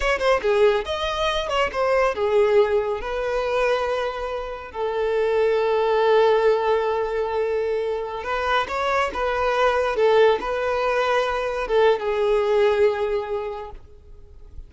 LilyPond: \new Staff \with { instrumentName = "violin" } { \time 4/4 \tempo 4 = 140 cis''8 c''8 gis'4 dis''4. cis''8 | c''4 gis'2 b'4~ | b'2. a'4~ | a'1~ |
a'2.~ a'16 b'8.~ | b'16 cis''4 b'2 a'8.~ | a'16 b'2. a'8. | gis'1 | }